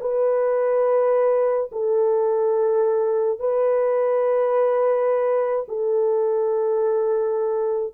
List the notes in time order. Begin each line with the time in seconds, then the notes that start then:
0.00 B4
1.71 A4
3.39 B4
5.68 A4